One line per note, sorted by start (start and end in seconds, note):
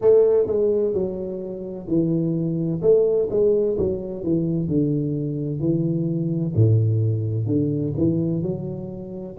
0.01 0.46 A3
0.46 0.93 G#3
0.93 1.87 F#3
1.87 2.81 E3
2.81 3.28 A3
3.30 3.77 G#3
3.78 4.23 F#3
4.23 4.67 E3
4.67 5.60 D3
5.60 6.53 E3
6.55 7.46 A2
7.46 7.93 D3
7.97 8.42 E3
8.42 9.36 F#3